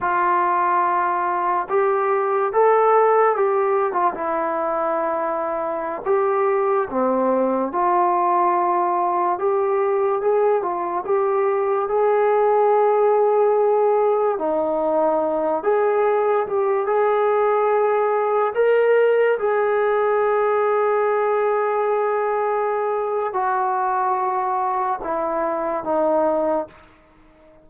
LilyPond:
\new Staff \with { instrumentName = "trombone" } { \time 4/4 \tempo 4 = 72 f'2 g'4 a'4 | g'8. f'16 e'2~ e'16 g'8.~ | g'16 c'4 f'2 g'8.~ | g'16 gis'8 f'8 g'4 gis'4.~ gis'16~ |
gis'4~ gis'16 dis'4. gis'4 g'16~ | g'16 gis'2 ais'4 gis'8.~ | gis'1 | fis'2 e'4 dis'4 | }